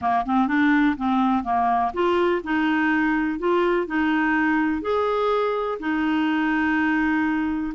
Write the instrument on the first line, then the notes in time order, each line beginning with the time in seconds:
clarinet
0.01 A#3
0.25 C4
0.47 D4
0.96 C4
1.43 A#3
1.93 F4
2.43 D#4
3.38 F4
3.86 D#4
4.81 G#4
5.79 D#4